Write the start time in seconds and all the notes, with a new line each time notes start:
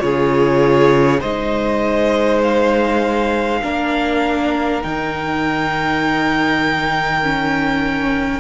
0.00 C#3 F4 G#4 C#5
1.21 G#3 D#4 C5 D#5
2.43 F5
3.62 A#3 D4 A#4
4.82 D#3 D#4 G5
7.23 C#4